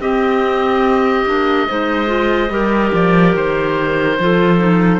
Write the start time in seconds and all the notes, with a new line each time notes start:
0.00 C4 G4 D#5
1.26 A#3 D4
1.68 G#3 D#4 C5
2.07 F4
2.50 G3 G4 A#4
2.93 F3 D5
3.35 D#3 C5
4.19 F3 F4 A4
4.59 D#4